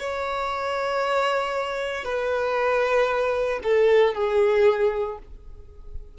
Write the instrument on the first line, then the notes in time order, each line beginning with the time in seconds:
violin
0.00 C#5
2.05 B4
3.64 A4
4.15 G#4